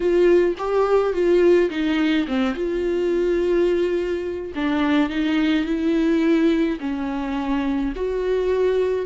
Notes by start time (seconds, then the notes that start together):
0.00 F4
0.58 G4
1.13 F4
1.70 D#4
2.27 C4
2.54 F4
4.55 D4
5.09 D#4
5.65 E4
6.80 C#4
7.95 F#4